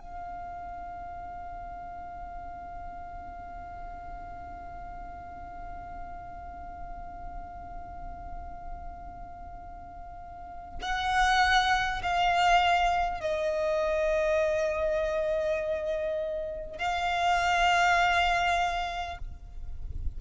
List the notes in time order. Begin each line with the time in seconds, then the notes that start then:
0.00 F5
10.82 F#5
12.03 F5
13.21 D#5
16.78 F5